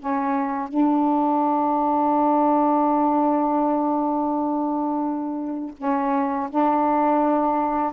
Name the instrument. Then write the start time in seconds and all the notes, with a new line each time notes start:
saxophone
0.00 C#4
0.69 D4
5.78 C#4
6.51 D4